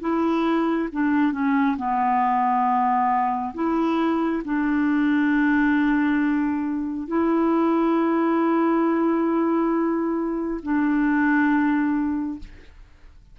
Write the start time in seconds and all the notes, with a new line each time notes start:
0.00 E4
0.92 D4
1.32 C#4
1.77 B3
3.54 E4
4.44 D4
7.07 E4
10.62 D4